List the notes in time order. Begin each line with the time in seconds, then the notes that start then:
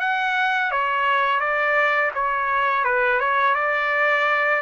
0.00 F#5
0.71 C#5
1.40 D5
2.14 C#5
2.84 B4
3.20 C#5
3.55 D5